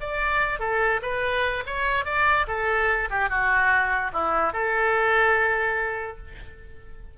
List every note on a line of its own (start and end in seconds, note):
0.00 0.59 D5
0.59 1.00 A4
1.02 1.64 B4
1.66 2.05 C#5
2.05 2.46 D5
2.47 3.09 A4
3.10 3.29 G4
3.29 4.11 F#4
4.13 4.53 E4
4.53 6.17 A4